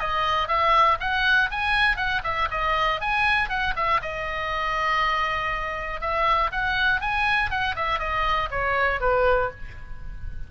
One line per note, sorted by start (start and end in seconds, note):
0.00 0.48 D#5
0.48 0.98 E5
1.00 1.50 F#5
1.51 1.97 G#5
1.97 2.22 F#5
2.24 2.49 E5
2.51 3.01 D#5
3.01 3.49 G#5
3.49 3.74 F#5
3.76 4.01 E5
4.02 6.01 D#5
6.01 6.51 E5
6.52 7.01 F#5
7.01 7.51 G#5
7.51 7.76 F#5
7.76 8.00 E5
8.00 8.50 D#5
8.51 9.01 C#5
9.01 9.51 B4